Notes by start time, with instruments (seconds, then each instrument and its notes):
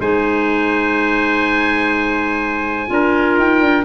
0.00 tuba G#3, clarinet D#4, trumpet C5, oboe G#5
2.87 tuba D4, clarinet F4, trumpet A#4
3.38 tuba D#4, oboe G5
3.61 tuba D4